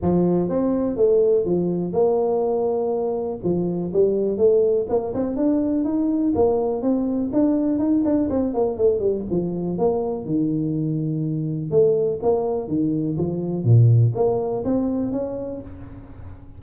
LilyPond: \new Staff \with { instrumentName = "tuba" } { \time 4/4 \tempo 4 = 123 f4 c'4 a4 f4 | ais2. f4 | g4 a4 ais8 c'8 d'4 | dis'4 ais4 c'4 d'4 |
dis'8 d'8 c'8 ais8 a8 g8 f4 | ais4 dis2. | a4 ais4 dis4 f4 | ais,4 ais4 c'4 cis'4 | }